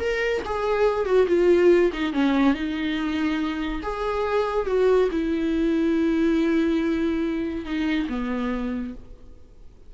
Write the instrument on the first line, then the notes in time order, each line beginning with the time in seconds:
viola
0.00 A#4
0.45 G#4
1.06 F#4
1.27 F4
1.93 D#4
2.13 C#4
2.54 D#4
3.83 G#4
4.67 F#4
5.12 E4
7.65 D#4
8.09 B3